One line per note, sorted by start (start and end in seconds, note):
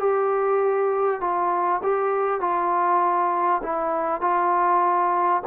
0.00 1.21 G4
1.21 1.82 F4
1.83 2.41 G4
2.41 3.62 F4
3.63 4.21 E4
4.21 5.43 F4